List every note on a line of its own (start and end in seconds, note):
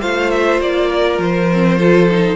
0.00 0.60 A3
0.00 1.49 F4
0.00 0.89 C5
0.00 0.30 F5
0.30 0.60 E5
0.60 1.18 A#3
0.60 1.20 D5
0.89 1.78 A#4
1.18 2.36 F3
1.18 2.36 C5
1.52 1.78 C4
1.78 2.08 F4
1.78 2.36 A4
2.11 2.36 D#4